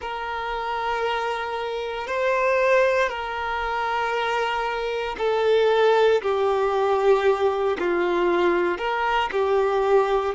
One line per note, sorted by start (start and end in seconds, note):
0.01 2.07 A#4
2.07 3.08 C5
3.08 5.15 A#4
5.18 6.21 A4
6.22 7.77 G4
7.78 8.77 F4
8.77 9.29 A#4
9.31 10.34 G4